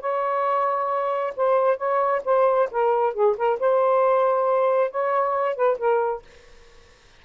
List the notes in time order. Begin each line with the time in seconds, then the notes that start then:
0.00 C#5
1.36 C5
1.77 C#5
2.24 C5
2.71 A#4
3.13 G#4
3.37 A#4
3.59 C5
4.90 C#5
5.55 B4
5.78 A#4